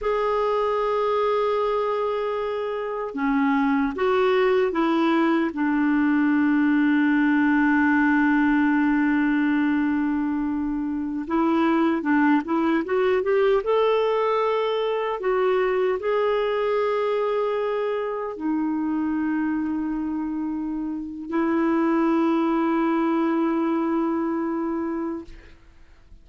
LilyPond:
\new Staff \with { instrumentName = "clarinet" } { \time 4/4 \tempo 4 = 76 gis'1 | cis'4 fis'4 e'4 d'4~ | d'1~ | d'2~ d'16 e'4 d'8 e'16~ |
e'16 fis'8 g'8 a'2 fis'8.~ | fis'16 gis'2. dis'8.~ | dis'2. e'4~ | e'1 | }